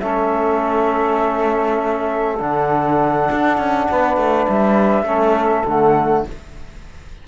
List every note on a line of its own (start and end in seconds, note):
0.00 2.40 A3
0.00 2.38 C#4
0.00 3.87 A4
0.00 2.38 E5
2.39 3.29 D3
2.39 5.05 D4
2.39 4.47 F#5
3.31 3.57 D4
3.57 3.87 C#4
3.90 4.16 B3
3.90 5.04 B4
4.16 4.46 A3
4.47 5.03 G3
4.47 5.66 E5
5.03 5.62 A3
5.03 5.64 C#4
5.03 6.23 A4
5.65 6.25 D3
5.65 6.27 A3
5.65 6.27 F#5